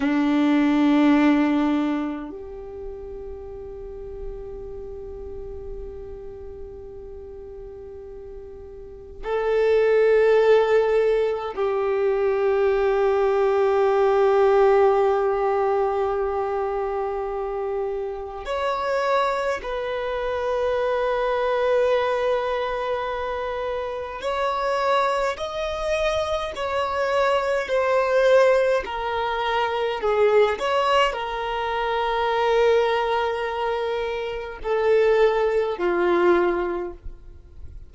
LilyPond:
\new Staff \with { instrumentName = "violin" } { \time 4/4 \tempo 4 = 52 d'2 g'2~ | g'1 | a'2 g'2~ | g'1 |
cis''4 b'2.~ | b'4 cis''4 dis''4 cis''4 | c''4 ais'4 gis'8 cis''8 ais'4~ | ais'2 a'4 f'4 | }